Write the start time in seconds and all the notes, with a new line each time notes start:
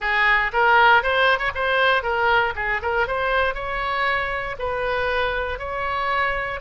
0.00 G#4
0.52 A#4
1.02 C5
1.38 C#5
1.54 C5
2.02 A#4
2.55 G#4
2.82 A#4
3.07 C5
3.54 C#5
4.59 B4
5.58 C#5